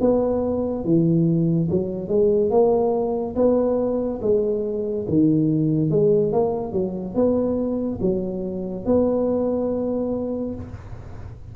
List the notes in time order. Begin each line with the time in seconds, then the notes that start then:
0.00 B3
0.84 E3
1.70 F#3
2.08 G#3
2.50 A#3
3.36 B3
4.21 G#3
5.08 D#3
5.90 G#3
6.32 A#3
6.72 F#3
7.14 B3
8.01 F#3
8.85 B3